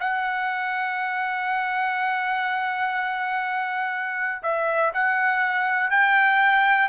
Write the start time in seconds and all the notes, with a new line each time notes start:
0.00 F#5
4.43 E5
4.94 F#5
5.91 G5